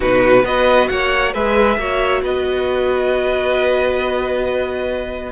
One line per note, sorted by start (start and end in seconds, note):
0.00 0.43 B2
0.00 0.43 D#4
0.00 0.43 F#4
0.00 0.45 B4
0.43 0.88 B3
0.43 1.33 F#4
0.43 0.89 B4
0.43 0.88 D#5
0.88 1.34 A#3
0.88 1.33 C#5
0.88 1.32 F#5
1.33 1.77 G#3
1.33 1.78 G#4
1.33 1.77 B4
1.33 2.22 E5
1.77 2.22 A#3
1.77 5.31 F#4
1.77 2.22 C#5
2.22 5.31 B3
2.22 5.31 B4
2.22 5.31 D#5